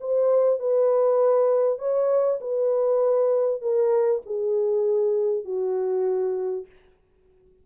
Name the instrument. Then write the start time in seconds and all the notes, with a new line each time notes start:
horn
0.00 C5
0.59 B4
1.79 C#5
2.40 B4
3.61 A#4
4.26 G#4
5.44 F#4